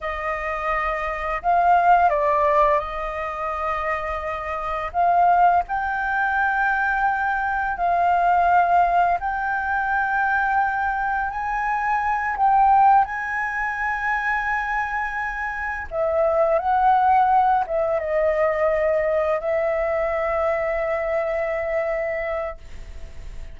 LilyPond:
\new Staff \with { instrumentName = "flute" } { \time 4/4 \tempo 4 = 85 dis''2 f''4 d''4 | dis''2. f''4 | g''2. f''4~ | f''4 g''2. |
gis''4. g''4 gis''4.~ | gis''2~ gis''8 e''4 fis''8~ | fis''4 e''8 dis''2 e''8~ | e''1 | }